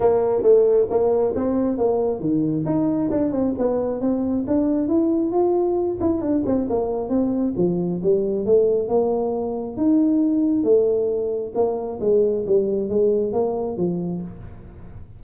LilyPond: \new Staff \with { instrumentName = "tuba" } { \time 4/4 \tempo 4 = 135 ais4 a4 ais4 c'4 | ais4 dis4 dis'4 d'8 c'8 | b4 c'4 d'4 e'4 | f'4. e'8 d'8 c'8 ais4 |
c'4 f4 g4 a4 | ais2 dis'2 | a2 ais4 gis4 | g4 gis4 ais4 f4 | }